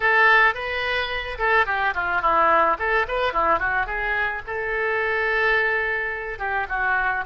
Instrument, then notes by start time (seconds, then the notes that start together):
oboe
0.00 A4
0.54 B4
1.38 A4
1.66 G4
1.94 F4
2.21 E4
2.78 A4
3.08 B4
3.33 E4
3.59 F#4
3.86 G#4
4.46 A4
6.38 G4
6.68 F#4